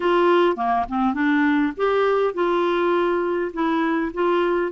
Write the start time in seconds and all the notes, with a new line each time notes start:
0.00 F4
0.56 A#3
0.88 C4
1.14 D4
1.76 G4
2.34 F4
3.53 E4
4.13 F4